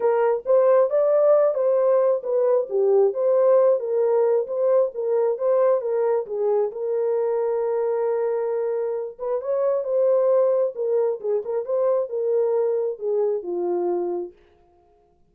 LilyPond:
\new Staff \with { instrumentName = "horn" } { \time 4/4 \tempo 4 = 134 ais'4 c''4 d''4. c''8~ | c''4 b'4 g'4 c''4~ | c''8 ais'4. c''4 ais'4 | c''4 ais'4 gis'4 ais'4~ |
ais'1~ | ais'8 b'8 cis''4 c''2 | ais'4 gis'8 ais'8 c''4 ais'4~ | ais'4 gis'4 f'2 | }